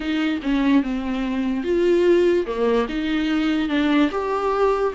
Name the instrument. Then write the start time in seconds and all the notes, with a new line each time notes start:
viola
0.00 D#4
0.43 C#4
0.82 C4
1.63 F4
2.46 A#3
2.88 D#4
3.68 D4
4.11 G4